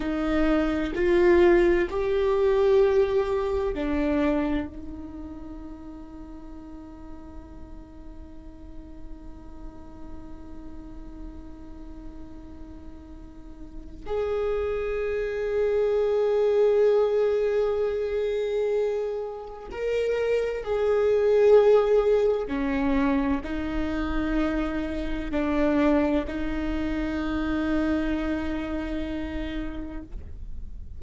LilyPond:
\new Staff \with { instrumentName = "viola" } { \time 4/4 \tempo 4 = 64 dis'4 f'4 g'2 | d'4 dis'2.~ | dis'1~ | dis'2. gis'4~ |
gis'1~ | gis'4 ais'4 gis'2 | cis'4 dis'2 d'4 | dis'1 | }